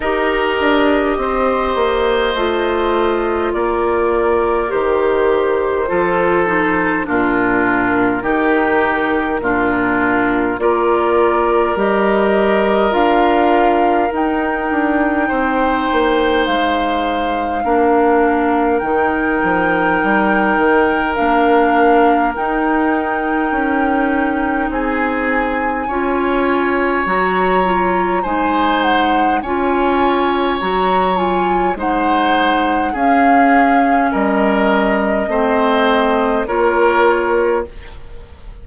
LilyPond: <<
  \new Staff \with { instrumentName = "flute" } { \time 4/4 \tempo 4 = 51 dis''2. d''4 | c''2 ais'2~ | ais'4 d''4 dis''4 f''4 | g''2 f''2 |
g''2 f''4 g''4~ | g''4 gis''2 ais''4 | gis''8 fis''8 gis''4 ais''8 gis''8 fis''4 | f''4 dis''2 cis''4 | }
  \new Staff \with { instrumentName = "oboe" } { \time 4/4 ais'4 c''2 ais'4~ | ais'4 a'4 f'4 g'4 | f'4 ais'2.~ | ais'4 c''2 ais'4~ |
ais'1~ | ais'4 gis'4 cis''2 | c''4 cis''2 c''4 | gis'4 ais'4 c''4 ais'4 | }
  \new Staff \with { instrumentName = "clarinet" } { \time 4/4 g'2 f'2 | g'4 f'8 dis'8 d'4 dis'4 | d'4 f'4 g'4 f'4 | dis'2. d'4 |
dis'2 d'4 dis'4~ | dis'2 f'4 fis'8 f'8 | dis'4 f'4 fis'8 f'8 dis'4 | cis'2 c'4 f'4 | }
  \new Staff \with { instrumentName = "bassoon" } { \time 4/4 dis'8 d'8 c'8 ais8 a4 ais4 | dis4 f4 ais,4 dis4 | ais,4 ais4 g4 d'4 | dis'8 d'8 c'8 ais8 gis4 ais4 |
dis8 f8 g8 dis8 ais4 dis'4 | cis'4 c'4 cis'4 fis4 | gis4 cis'4 fis4 gis4 | cis'4 g4 a4 ais4 | }
>>